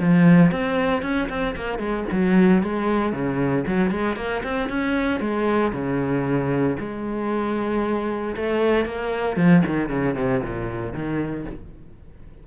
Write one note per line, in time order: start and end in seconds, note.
0.00 0.51 F3
0.51 1.02 C4
1.02 1.29 C#4
1.29 1.55 C4
1.56 1.79 A#3
1.79 2.05 G#3
2.12 2.63 F#3
2.63 3.13 G#3
3.13 3.65 C#3
3.67 3.91 F#3
3.91 4.16 G#3
4.16 4.43 A#3
4.44 4.69 C4
4.69 5.20 C#4
5.20 5.72 G#3
5.73 6.77 C#3
6.80 8.36 G#3
8.36 8.86 A3
8.86 9.37 A#3
9.37 9.63 F3
9.66 9.89 D#3
9.89 10.15 C#3
10.15 10.41 C3
10.43 10.94 A#2
10.94 11.46 D#3